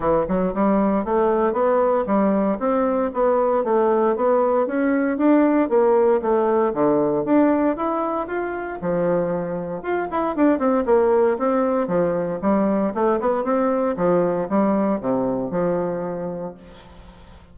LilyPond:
\new Staff \with { instrumentName = "bassoon" } { \time 4/4 \tempo 4 = 116 e8 fis8 g4 a4 b4 | g4 c'4 b4 a4 | b4 cis'4 d'4 ais4 | a4 d4 d'4 e'4 |
f'4 f2 f'8 e'8 | d'8 c'8 ais4 c'4 f4 | g4 a8 b8 c'4 f4 | g4 c4 f2 | }